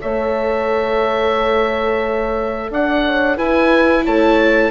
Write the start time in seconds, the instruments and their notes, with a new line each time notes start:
0.00 bassoon A3, viola A4, horn C#5, oboe E5
2.70 bassoon D4, horn D5, oboe F#5
3.05 horn C#5
3.36 viola E4, bassoon E4, horn B4, oboe G#5
4.04 bassoon A3, horn C#5, oboe A5